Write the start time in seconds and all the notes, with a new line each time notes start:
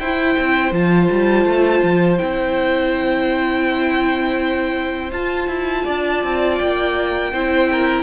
0.00 E4 C5 G5
0.39 C4
0.72 F3 F4 A5
1.12 G3
1.46 A3
1.83 F3
2.19 C4 E4 G5
5.12 F4 A5
5.48 E4
5.84 D4 D5
6.24 C4
6.59 A#3 G5
7.33 C4 E4 C5
7.72 A#4